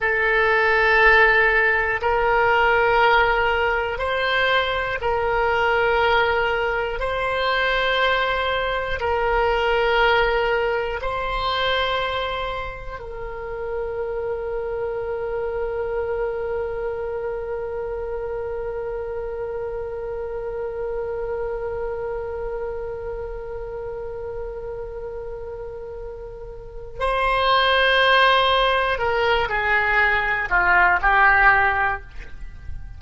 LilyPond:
\new Staff \with { instrumentName = "oboe" } { \time 4/4 \tempo 4 = 60 a'2 ais'2 | c''4 ais'2 c''4~ | c''4 ais'2 c''4~ | c''4 ais'2.~ |
ais'1~ | ais'1~ | ais'2. c''4~ | c''4 ais'8 gis'4 f'8 g'4 | }